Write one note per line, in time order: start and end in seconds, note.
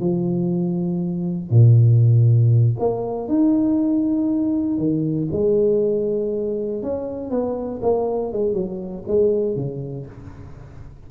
0.00 1.50 F3
1.50 2.76 A#2
2.79 3.28 A#3
3.28 4.78 D#4
4.78 5.28 D#3
5.32 6.83 G#3
6.83 7.30 C#4
7.30 7.81 B3
7.82 8.32 A#3
8.33 8.54 G#3
8.54 9.04 F#3
9.08 9.56 G#3
9.56 10.06 C#3